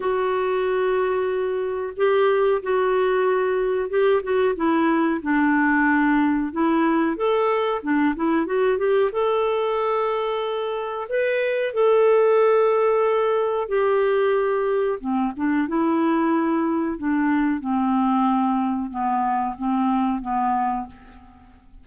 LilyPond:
\new Staff \with { instrumentName = "clarinet" } { \time 4/4 \tempo 4 = 92 fis'2. g'4 | fis'2 g'8 fis'8 e'4 | d'2 e'4 a'4 | d'8 e'8 fis'8 g'8 a'2~ |
a'4 b'4 a'2~ | a'4 g'2 c'8 d'8 | e'2 d'4 c'4~ | c'4 b4 c'4 b4 | }